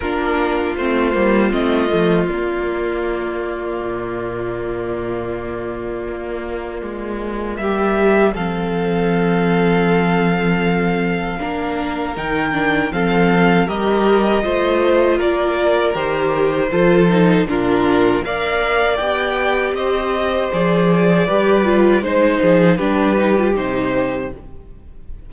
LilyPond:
<<
  \new Staff \with { instrumentName = "violin" } { \time 4/4 \tempo 4 = 79 ais'4 c''4 dis''4 d''4~ | d''1~ | d''2 e''4 f''4~ | f''1 |
g''4 f''4 dis''2 | d''4 c''2 ais'4 | f''4 g''4 dis''4 d''4~ | d''4 c''4 b'4 c''4 | }
  \new Staff \with { instrumentName = "violin" } { \time 4/4 f'1~ | f'1~ | f'2 g'4 a'4~ | a'2. ais'4~ |
ais'4 a'4 ais'4 c''4 | ais'2 a'4 f'4 | d''2 c''2 | b'4 c''8 gis'8 g'2 | }
  \new Staff \with { instrumentName = "viola" } { \time 4/4 d'4 c'8 ais8 c'8 a8 ais4~ | ais1~ | ais2. c'4~ | c'2. d'4 |
dis'8 d'8 c'4 g'4 f'4~ | f'4 g'4 f'8 dis'8 d'4 | ais'4 g'2 gis'4 | g'8 f'8 dis'4 d'8 dis'16 f'16 dis'4 | }
  \new Staff \with { instrumentName = "cello" } { \time 4/4 ais4 a8 g8 a8 f8 ais4~ | ais4 ais,2. | ais4 gis4 g4 f4~ | f2. ais4 |
dis4 f4 g4 a4 | ais4 dis4 f4 ais,4 | ais4 b4 c'4 f4 | g4 gis8 f8 g4 c4 | }
>>